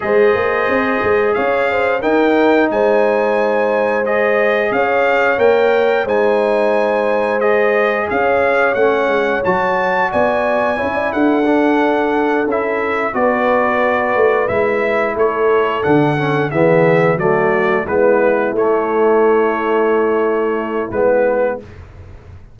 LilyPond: <<
  \new Staff \with { instrumentName = "trumpet" } { \time 4/4 \tempo 4 = 89 dis''2 f''4 g''4 | gis''2 dis''4 f''4 | g''4 gis''2 dis''4 | f''4 fis''4 a''4 gis''4~ |
gis''8 fis''2 e''4 d''8~ | d''4. e''4 cis''4 fis''8~ | fis''8 e''4 d''4 b'4 cis''8~ | cis''2. b'4 | }
  \new Staff \with { instrumentName = "horn" } { \time 4/4 c''2 cis''8 c''8 ais'4 | c''2. cis''4~ | cis''4 c''2. | cis''2. d''4 |
cis''16 d''16 a'2. b'8~ | b'2~ b'8 a'4.~ | a'8 gis'4 fis'4 e'4.~ | e'1 | }
  \new Staff \with { instrumentName = "trombone" } { \time 4/4 gis'2. dis'4~ | dis'2 gis'2 | ais'4 dis'2 gis'4~ | gis'4 cis'4 fis'2 |
e'4 d'4. e'4 fis'8~ | fis'4. e'2 d'8 | cis'8 b4 a4 b4 a8~ | a2. b4 | }
  \new Staff \with { instrumentName = "tuba" } { \time 4/4 gis8 ais8 c'8 gis8 cis'4 dis'4 | gis2. cis'4 | ais4 gis2. | cis'4 a8 gis8 fis4 b4 |
cis'8 d'2 cis'4 b8~ | b4 a8 gis4 a4 d8~ | d8 e4 fis4 gis4 a8~ | a2. gis4 | }
>>